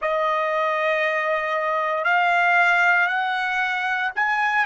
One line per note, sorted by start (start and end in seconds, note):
0.01 2.04 D#5
2.04 3.07 F5
3.07 4.11 F#5
4.15 4.65 G#5